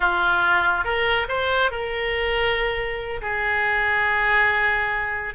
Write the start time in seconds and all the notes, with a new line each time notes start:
0.00 F4
0.84 A#4
1.28 C5
1.71 A#4
3.21 G#4